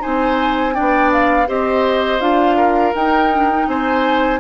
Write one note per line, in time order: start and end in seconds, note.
0.00 0.79 C4
0.00 0.73 D#4
0.00 0.75 C5
0.00 0.74 G#5
0.73 1.46 D4
0.73 1.48 D5
0.73 1.11 G5
0.80 1.48 B3
1.12 1.49 F5
1.47 2.21 C4
1.47 2.20 G4
1.47 2.57 C5
1.47 2.20 D#5
2.20 2.94 D4
2.20 2.93 F4
2.20 2.94 F5
2.57 3.67 A#4
2.95 3.68 D#4
2.95 3.32 D#4
2.95 3.68 G5
3.32 3.50 D4
3.51 4.40 D#4
3.68 4.40 C4
3.68 4.40 C5
3.68 4.40 G#5